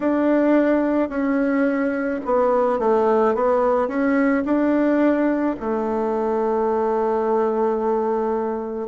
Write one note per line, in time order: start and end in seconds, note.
0.00 1.09 D4
1.09 2.20 C#4
2.25 2.79 B3
2.79 3.34 A3
3.34 3.88 B3
3.88 4.43 C#4
4.44 5.56 D4
5.60 8.88 A3